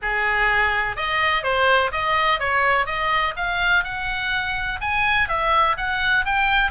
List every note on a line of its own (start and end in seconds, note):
0.02 0.96 G#4
0.96 1.43 D#5
1.43 1.91 C5
1.91 2.39 D#5
2.39 2.86 C#5
2.86 3.34 D#5
3.36 3.84 F5
3.84 4.80 F#5
4.80 5.28 G#5
5.28 5.76 E5
5.77 6.25 F#5
6.25 6.71 G5